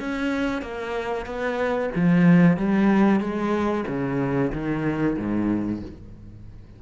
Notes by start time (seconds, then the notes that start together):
0.00 C#4
0.62 A#3
1.26 B3
1.96 F3
2.58 G3
3.21 G#3
3.88 C#3
4.53 D#3
5.18 G#2